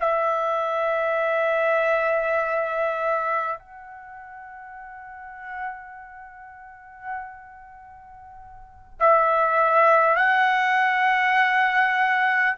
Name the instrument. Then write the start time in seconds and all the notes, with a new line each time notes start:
trumpet
0.00 E5
3.59 F#5
8.99 E5
10.16 F#5